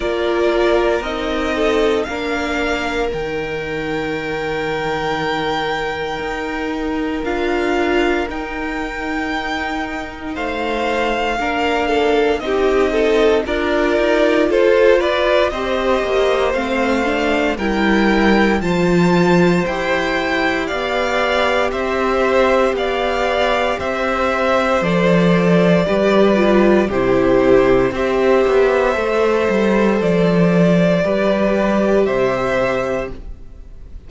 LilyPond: <<
  \new Staff \with { instrumentName = "violin" } { \time 4/4 \tempo 4 = 58 d''4 dis''4 f''4 g''4~ | g''2. f''4 | g''2 f''2 | dis''4 d''4 c''8 d''8 dis''4 |
f''4 g''4 a''4 g''4 | f''4 e''4 f''4 e''4 | d''2 c''4 e''4~ | e''4 d''2 e''4 | }
  \new Staff \with { instrumentName = "violin" } { \time 4/4 ais'4. a'8 ais'2~ | ais'1~ | ais'2 c''4 ais'8 a'8 | g'8 a'8 ais'4 a'8 b'8 c''4~ |
c''4 ais'4 c''2 | d''4 c''4 d''4 c''4~ | c''4 b'4 g'4 c''4~ | c''2 b'4 c''4 | }
  \new Staff \with { instrumentName = "viola" } { \time 4/4 f'4 dis'4 d'4 dis'4~ | dis'2. f'4 | dis'2. d'4 | dis'4 f'2 g'4 |
c'8 d'8 e'4 f'4 g'4~ | g'1 | a'4 g'8 f'8 e'4 g'4 | a'2 g'2 | }
  \new Staff \with { instrumentName = "cello" } { \time 4/4 ais4 c'4 ais4 dis4~ | dis2 dis'4 d'4 | dis'2 a4 ais4 | c'4 d'8 dis'8 f'4 c'8 ais8 |
a4 g4 f4 e'4 | b4 c'4 b4 c'4 | f4 g4 c4 c'8 b8 | a8 g8 f4 g4 c4 | }
>>